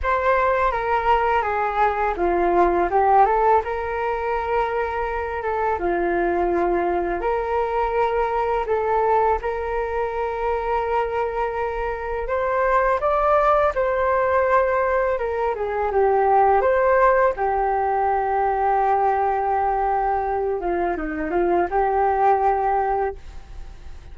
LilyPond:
\new Staff \with { instrumentName = "flute" } { \time 4/4 \tempo 4 = 83 c''4 ais'4 gis'4 f'4 | g'8 a'8 ais'2~ ais'8 a'8 | f'2 ais'2 | a'4 ais'2.~ |
ais'4 c''4 d''4 c''4~ | c''4 ais'8 gis'8 g'4 c''4 | g'1~ | g'8 f'8 dis'8 f'8 g'2 | }